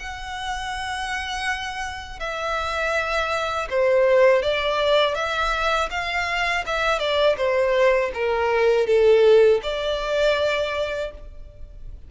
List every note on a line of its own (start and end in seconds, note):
0.00 2.20 F#5
2.20 3.68 E5
3.70 4.42 C5
4.42 5.15 D5
5.15 5.89 E5
5.91 6.65 F5
6.66 6.99 E5
6.99 7.36 D5
7.37 8.11 C5
8.14 8.87 A#4
8.87 9.61 A4
9.63 11.11 D5